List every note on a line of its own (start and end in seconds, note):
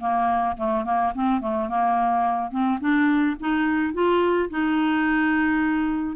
0.00 0.56 A#3
0.57 0.85 A3
0.85 1.13 A#3
1.14 1.41 C4
1.41 1.69 A3
1.69 2.51 A#3
2.51 2.79 C4
2.80 3.36 D4
3.40 3.93 D#4
3.93 4.49 F4
4.50 6.16 D#4